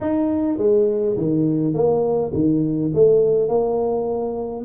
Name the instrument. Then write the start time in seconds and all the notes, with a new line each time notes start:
tuba
0.00 D#4
0.57 G#3
1.17 D#3
1.73 A#3
2.34 D#3
2.94 A3
3.48 A#3